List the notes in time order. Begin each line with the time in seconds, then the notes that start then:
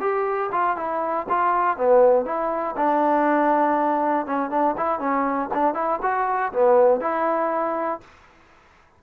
0.00 G4
0.51 F4
0.76 E4
1.29 F4
1.77 B3
2.25 E4
2.76 D4
4.26 C#4
4.50 D4
4.77 E4
4.99 C#4
5.53 D4
5.74 E4
6.02 F#4
6.52 B3
7.00 E4